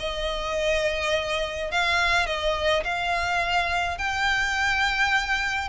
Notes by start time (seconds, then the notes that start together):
0.00 D#5
1.71 F5
2.27 D#5
2.84 F5
3.98 G5